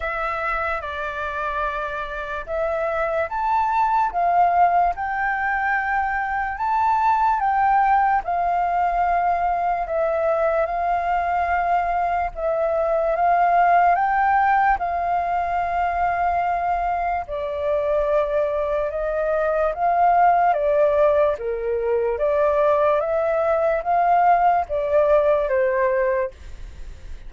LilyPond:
\new Staff \with { instrumentName = "flute" } { \time 4/4 \tempo 4 = 73 e''4 d''2 e''4 | a''4 f''4 g''2 | a''4 g''4 f''2 | e''4 f''2 e''4 |
f''4 g''4 f''2~ | f''4 d''2 dis''4 | f''4 d''4 ais'4 d''4 | e''4 f''4 d''4 c''4 | }